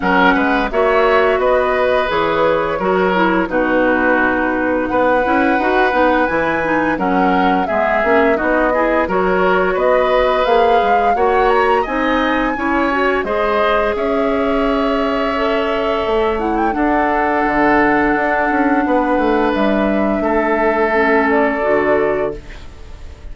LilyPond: <<
  \new Staff \with { instrumentName = "flute" } { \time 4/4 \tempo 4 = 86 fis''4 e''4 dis''4 cis''4~ | cis''4 b'2 fis''4~ | fis''4 gis''4 fis''4 e''4 | dis''4 cis''4 dis''4 f''4 |
fis''8 ais''8 gis''2 dis''4 | e''2.~ e''8 fis''16 g''16 | fis''1 | e''2~ e''8 d''4. | }
  \new Staff \with { instrumentName = "oboe" } { \time 4/4 ais'8 b'8 cis''4 b'2 | ais'4 fis'2 b'4~ | b'2 ais'4 gis'4 | fis'8 gis'8 ais'4 b'2 |
cis''4 dis''4 cis''4 c''4 | cis''1 | a'2. b'4~ | b'4 a'2. | }
  \new Staff \with { instrumentName = "clarinet" } { \time 4/4 cis'4 fis'2 gis'4 | fis'8 e'8 dis'2~ dis'8 e'8 | fis'8 dis'8 e'8 dis'8 cis'4 b8 cis'8 | dis'8 e'8 fis'2 gis'4 |
fis'4 dis'4 e'8 fis'8 gis'4~ | gis'2 a'4. e'8 | d'1~ | d'2 cis'4 fis'4 | }
  \new Staff \with { instrumentName = "bassoon" } { \time 4/4 fis8 gis8 ais4 b4 e4 | fis4 b,2 b8 cis'8 | dis'8 b8 e4 fis4 gis8 ais8 | b4 fis4 b4 ais8 gis8 |
ais4 c'4 cis'4 gis4 | cis'2. a4 | d'4 d4 d'8 cis'8 b8 a8 | g4 a2 d4 | }
>>